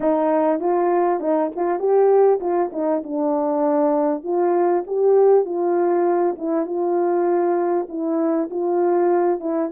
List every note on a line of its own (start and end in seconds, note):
0.00 0.60 D#4
0.60 1.20 F4
1.20 1.50 D#4
1.55 1.79 F4
1.79 2.39 G4
2.40 2.70 F4
2.72 3.02 D#4
3.03 4.23 D4
4.23 4.84 F4
4.86 5.45 G4
5.45 6.36 F4
6.37 6.66 E4
6.66 7.87 F4
7.88 8.49 E4
8.50 9.39 F4
9.39 9.70 E4